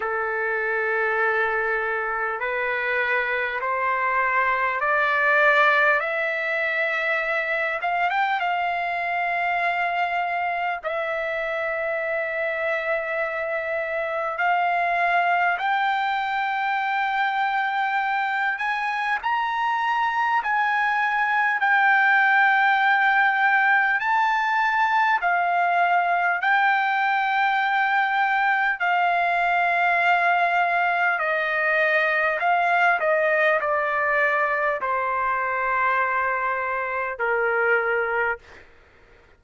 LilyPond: \new Staff \with { instrumentName = "trumpet" } { \time 4/4 \tempo 4 = 50 a'2 b'4 c''4 | d''4 e''4. f''16 g''16 f''4~ | f''4 e''2. | f''4 g''2~ g''8 gis''8 |
ais''4 gis''4 g''2 | a''4 f''4 g''2 | f''2 dis''4 f''8 dis''8 | d''4 c''2 ais'4 | }